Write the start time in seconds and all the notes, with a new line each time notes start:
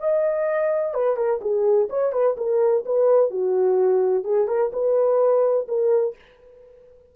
0.00 D#5
0.94 B4
1.17 A#4
1.42 G#4
1.90 C#5
2.13 B4
2.38 A#4
2.86 B4
3.31 F#4
4.24 G#4
4.48 A#4
4.73 B4
5.69 A#4